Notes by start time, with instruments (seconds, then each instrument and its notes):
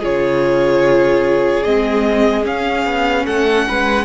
0.00 cello C#3, viola F4, violin G#4 C#5
1.63 cello G#3, viola C4, violin D#5
2.43 viola C#4, cello C#4, violin F5
2.85 cello B3
3.25 cello A3, violin A4 F#5
3.68 cello G#3, violin B4